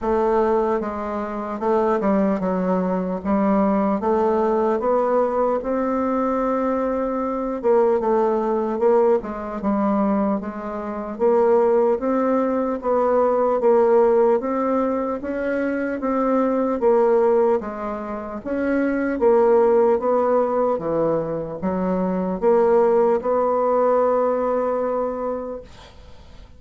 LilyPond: \new Staff \with { instrumentName = "bassoon" } { \time 4/4 \tempo 4 = 75 a4 gis4 a8 g8 fis4 | g4 a4 b4 c'4~ | c'4. ais8 a4 ais8 gis8 | g4 gis4 ais4 c'4 |
b4 ais4 c'4 cis'4 | c'4 ais4 gis4 cis'4 | ais4 b4 e4 fis4 | ais4 b2. | }